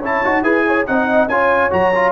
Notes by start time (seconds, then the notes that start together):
0.00 C#4 E4 C#5 A5
0.24 D#4 F#4
0.42 E4 G#4 B4 G#5
0.67 C#5
0.86 C4 D#4 D#5 F#5
1.27 C#4 F4 C#5 G#5
1.71 F#3 F#4 A#5
1.95 F4